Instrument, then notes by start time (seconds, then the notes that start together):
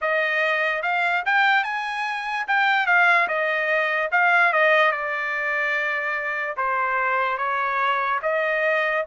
trumpet
0.01 D#5
0.82 F5
1.25 G5
1.63 G#5
2.47 G5
2.86 F5
3.28 D#5
4.11 F5
4.52 D#5
4.91 D5
6.56 C5
7.37 C#5
8.22 D#5